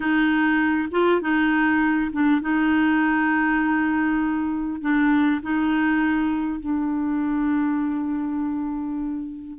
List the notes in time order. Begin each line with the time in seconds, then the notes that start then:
0.00 D#4
0.91 F4
1.21 D#4
2.12 D4
2.41 D#4
4.81 D4
5.42 D#4
6.60 D4